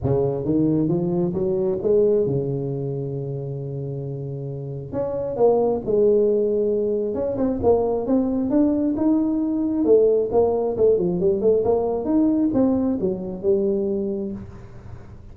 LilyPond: \new Staff \with { instrumentName = "tuba" } { \time 4/4 \tempo 4 = 134 cis4 dis4 f4 fis4 | gis4 cis2.~ | cis2. cis'4 | ais4 gis2. |
cis'8 c'8 ais4 c'4 d'4 | dis'2 a4 ais4 | a8 f8 g8 a8 ais4 dis'4 | c'4 fis4 g2 | }